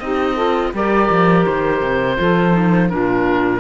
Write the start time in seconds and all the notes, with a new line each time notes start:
0.00 C4 D#4 G4 D#5
0.34 F4 A4
0.73 G3 G4 A#4 D5
1.10 F3
1.45 D#3 C5
1.81 C3
2.17 F3 F4 A4
2.52 D#4
2.89 A#2 D4 F4 A#4